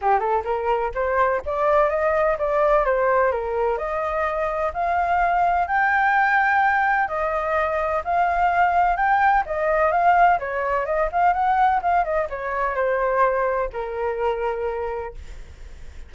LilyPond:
\new Staff \with { instrumentName = "flute" } { \time 4/4 \tempo 4 = 127 g'8 a'8 ais'4 c''4 d''4 | dis''4 d''4 c''4 ais'4 | dis''2 f''2 | g''2. dis''4~ |
dis''4 f''2 g''4 | dis''4 f''4 cis''4 dis''8 f''8 | fis''4 f''8 dis''8 cis''4 c''4~ | c''4 ais'2. | }